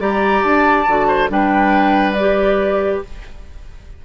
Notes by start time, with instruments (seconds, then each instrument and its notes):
0.00 bassoon G3, clarinet G4, oboe D5, flute A#5
0.44 bassoon D4, flute A5
0.88 bassoon D3, clarinet F#4
1.08 oboe C5
1.29 bassoon G3, clarinet D4, oboe B4, flute G5
2.13 flute D5
2.19 clarinet G4